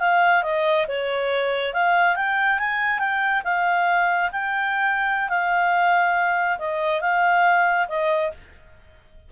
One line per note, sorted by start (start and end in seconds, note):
0.00 0.43 F5
0.43 0.87 D#5
0.88 1.74 C#5
1.74 2.16 F5
2.16 2.59 G5
2.59 2.99 G#5
2.99 3.42 G5
3.44 4.31 F5
4.32 5.29 G5
5.29 6.59 F5
6.59 7.01 D#5
7.01 7.88 F5
7.89 8.32 D#5